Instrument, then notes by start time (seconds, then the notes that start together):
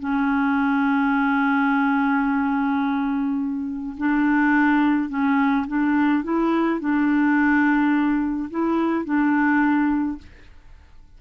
clarinet
0.00 C#4
3.98 D4
5.09 C#4
5.67 D4
6.24 E4
6.80 D4
8.51 E4
9.05 D4